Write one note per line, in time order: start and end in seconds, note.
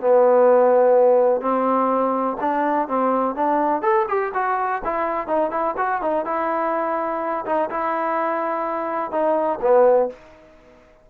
0.00 1.41 B3
1.41 2.37 C4
2.40 2.88 D4
2.88 3.35 C4
3.35 3.81 D4
3.81 4.05 A4
4.08 4.32 G4
4.33 4.81 F#4
4.84 5.27 E4
5.27 5.50 D#4
5.50 5.74 E4
5.77 6.01 F#4
6.01 6.25 D#4
6.25 7.45 E4
7.45 7.69 D#4
7.69 9.11 E4
9.11 9.59 D#4
9.61 10.09 B3